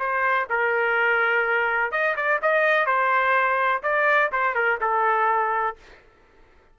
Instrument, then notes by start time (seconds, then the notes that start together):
trumpet
0.00 C5
0.50 A#4
1.92 D#5
2.17 D5
2.42 D#5
2.87 C5
3.83 D5
4.32 C5
4.55 A#4
4.81 A4